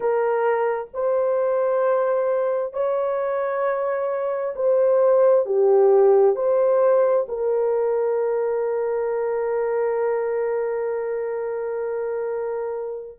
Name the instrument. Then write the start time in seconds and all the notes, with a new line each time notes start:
horn
0.00 A#4
0.93 C5
2.73 C#5
4.55 C5
5.45 G4
6.35 C5
7.28 A#4